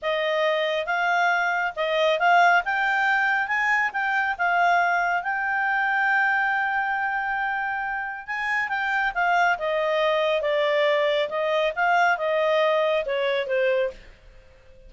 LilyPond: \new Staff \with { instrumentName = "clarinet" } { \time 4/4 \tempo 4 = 138 dis''2 f''2 | dis''4 f''4 g''2 | gis''4 g''4 f''2 | g''1~ |
g''2. gis''4 | g''4 f''4 dis''2 | d''2 dis''4 f''4 | dis''2 cis''4 c''4 | }